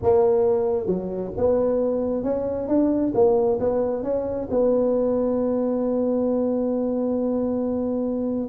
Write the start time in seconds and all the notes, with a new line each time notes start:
0.02 A#3
0.86 F#3
1.37 B3
2.23 C#4
2.67 D4
3.14 A#3
3.59 B3
4.03 C#4
4.50 B3